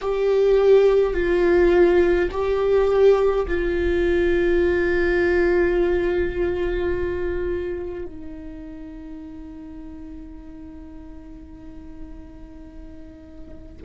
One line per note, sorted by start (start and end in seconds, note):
0.01 1.13 G4
1.13 2.29 F4
2.31 3.46 G4
3.47 8.05 F4
8.05 13.82 D#4